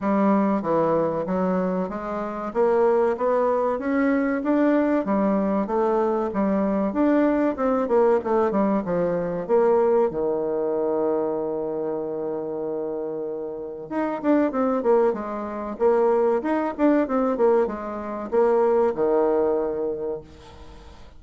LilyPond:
\new Staff \with { instrumentName = "bassoon" } { \time 4/4 \tempo 4 = 95 g4 e4 fis4 gis4 | ais4 b4 cis'4 d'4 | g4 a4 g4 d'4 | c'8 ais8 a8 g8 f4 ais4 |
dis1~ | dis2 dis'8 d'8 c'8 ais8 | gis4 ais4 dis'8 d'8 c'8 ais8 | gis4 ais4 dis2 | }